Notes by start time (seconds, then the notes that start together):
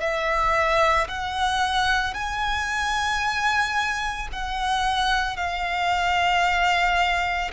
0.00 E5
1.08 F#5
2.14 G#5
4.32 F#5
5.36 F5